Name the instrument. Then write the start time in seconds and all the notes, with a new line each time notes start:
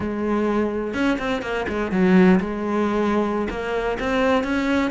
cello
0.00 G#3
0.94 C#4
1.18 C4
1.42 A#3
1.68 G#3
1.91 F#3
2.40 G#3
3.50 A#3
3.99 C4
4.43 C#4